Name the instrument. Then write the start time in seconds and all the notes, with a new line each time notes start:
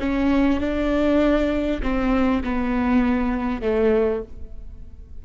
viola
0.00 C#4
0.61 D4
1.83 C4
2.44 B3
3.62 A3